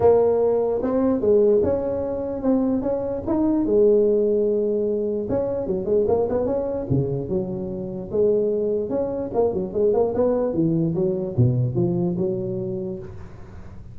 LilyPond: \new Staff \with { instrumentName = "tuba" } { \time 4/4 \tempo 4 = 148 ais2 c'4 gis4 | cis'2 c'4 cis'4 | dis'4 gis2.~ | gis4 cis'4 fis8 gis8 ais8 b8 |
cis'4 cis4 fis2 | gis2 cis'4 ais8 fis8 | gis8 ais8 b4 e4 fis4 | b,4 f4 fis2 | }